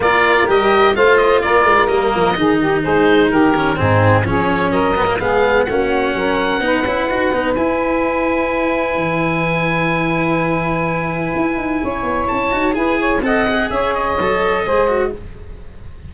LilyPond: <<
  \new Staff \with { instrumentName = "oboe" } { \time 4/4 \tempo 4 = 127 d''4 dis''4 f''8 dis''8 d''4 | dis''2 c''4 ais'4 | gis'4 cis''4 dis''4 f''4 | fis''1 |
gis''1~ | gis''1~ | gis''2 a''4 gis''4 | fis''4 e''8 dis''2~ dis''8 | }
  \new Staff \with { instrumentName = "saxophone" } { \time 4/4 ais'2 c''4 ais'4~ | ais'4 gis'8 g'8 gis'4 g'4 | dis'4 gis'4 ais'4 gis'4 | fis'4 ais'4 b'2~ |
b'1~ | b'1~ | b'4 cis''2 b'8 cis''8 | dis''4 cis''2 c''4 | }
  \new Staff \with { instrumentName = "cello" } { \time 4/4 f'4 g'4 f'2 | ais4 dis'2~ dis'8 cis'8 | c'4 cis'4. b16 ais16 b4 | cis'2 dis'8 e'8 fis'8 dis'8 |
e'1~ | e'1~ | e'2~ e'8 fis'8 gis'4 | a'8 gis'4. a'4 gis'8 fis'8 | }
  \new Staff \with { instrumentName = "tuba" } { \time 4/4 ais4 g4 a4 ais8 gis8 | g8 f8 dis4 gis4 dis4 | gis,4 f4 fis4 gis4 | ais4 fis4 b8 cis'8 dis'8 b8 |
e'2. e4~ | e1 | e'8 dis'8 cis'8 b8 cis'8 dis'8 e'4 | c'4 cis'4 fis4 gis4 | }
>>